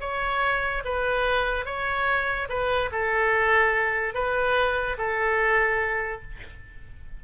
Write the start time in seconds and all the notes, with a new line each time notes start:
0.00 C#5
0.85 B4
1.65 C#5
2.49 B4
2.92 A4
4.14 B4
4.97 A4